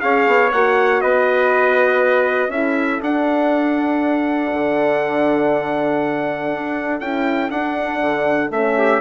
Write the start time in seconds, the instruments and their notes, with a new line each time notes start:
0.00 bassoon C#4, horn G#4, trumpet C#5 F5
0.27 bassoon B3
0.51 bassoon A#3, horn F#4, trumpet F#5
1.01 bassoon B3, trumpet B4 D#5
2.48 bassoon C#4, horn E4, trumpet A4 E5
3.00 horn D4, bassoon D4, trumpet F#5
4.53 bassoon D3
6.53 bassoon D4
7.00 bassoon C#4, horn E4, trumpet G5
7.49 bassoon D4, horn D4, trumpet F#5
8.00 bassoon D3
8.50 bassoon A3, horn C#4, trumpet E5
8.78 trumpet G4